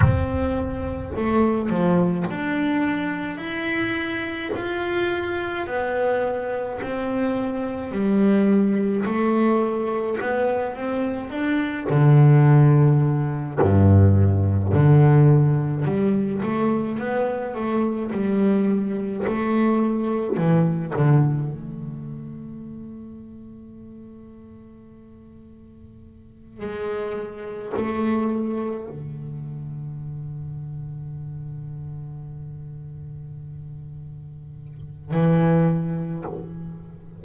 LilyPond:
\new Staff \with { instrumentName = "double bass" } { \time 4/4 \tempo 4 = 53 c'4 a8 f8 d'4 e'4 | f'4 b4 c'4 g4 | a4 b8 c'8 d'8 d4. | g,4 d4 g8 a8 b8 a8 |
g4 a4 e8 d8 a4~ | a2.~ a8 gis8~ | gis8 a4 d2~ d8~ | d2. e4 | }